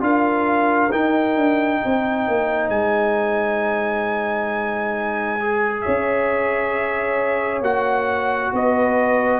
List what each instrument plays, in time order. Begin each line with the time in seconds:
0.00 tuba D4, trombone F4, horn A#4, trumpet F5
0.91 tuba D#4, trombone D#4, trumpet G5
1.36 tuba D4
1.82 tuba C4, horn C5
2.28 tuba A#3
2.69 tuba G#3, trumpet G#5
5.40 trombone G#4
5.82 tuba C#4, horn C#5, trumpet E5
7.61 tuba A#3, trombone F#4, trumpet F#5
8.53 tuba B3, horn B4, trumpet D#5